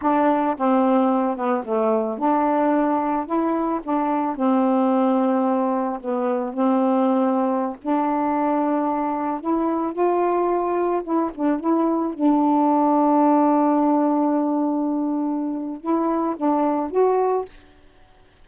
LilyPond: \new Staff \with { instrumentName = "saxophone" } { \time 4/4 \tempo 4 = 110 d'4 c'4. b8 a4 | d'2 e'4 d'4 | c'2. b4 | c'2~ c'16 d'4.~ d'16~ |
d'4~ d'16 e'4 f'4.~ f'16~ | f'16 e'8 d'8 e'4 d'4.~ d'16~ | d'1~ | d'4 e'4 d'4 fis'4 | }